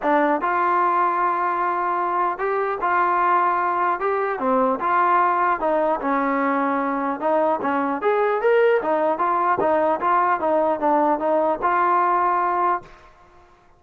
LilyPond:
\new Staff \with { instrumentName = "trombone" } { \time 4/4 \tempo 4 = 150 d'4 f'2.~ | f'2 g'4 f'4~ | f'2 g'4 c'4 | f'2 dis'4 cis'4~ |
cis'2 dis'4 cis'4 | gis'4 ais'4 dis'4 f'4 | dis'4 f'4 dis'4 d'4 | dis'4 f'2. | }